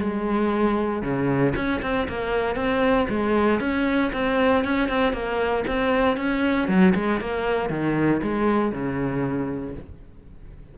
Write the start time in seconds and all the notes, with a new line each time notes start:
0.00 G#3
1.02 C#3
1.55 C#4
1.82 C4
2.08 A#3
2.55 C4
3.09 G#3
3.60 C#4
4.13 C4
4.64 C#4
4.89 C4
5.13 A#3
5.67 C4
6.17 C#4
6.68 F#3
6.95 G#3
7.20 A#3
7.70 D#3
8.22 G#3
8.72 C#3